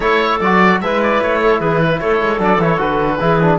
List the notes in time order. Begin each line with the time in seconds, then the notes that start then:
0.00 A3 E4 A4 C#5
0.40 F#3 F#4 D5
0.81 G#3 E4 B4 E5
1.03 D5
1.21 A3 C#5
1.41 A4
1.60 E3 G#4 B4
1.79 B4
2.00 A3 A4 C#5
2.21 G#3
2.38 F#3 D4 D5
2.57 E3 E4 C#5
2.77 D3 F#4 B4
3.19 E3 E4 G#4
3.41 D4